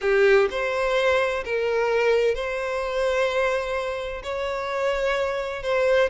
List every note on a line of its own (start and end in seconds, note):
0.01 0.48 G4
0.50 1.44 C5
1.44 2.34 A#4
2.34 4.22 C5
4.23 5.62 C#5
5.62 6.09 C5